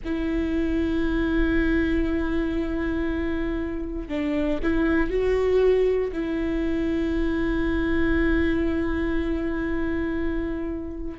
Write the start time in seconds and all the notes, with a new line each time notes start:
0.04 E4
4.08 D4
4.63 E4
5.09 F#4
6.12 E4